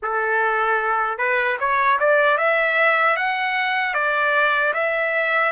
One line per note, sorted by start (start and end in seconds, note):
0.02 1.18 A4
1.18 1.57 B4
1.59 1.98 C#5
1.99 2.37 D5
2.37 3.16 E5
3.16 3.94 F#5
3.94 4.73 D5
4.73 5.52 E5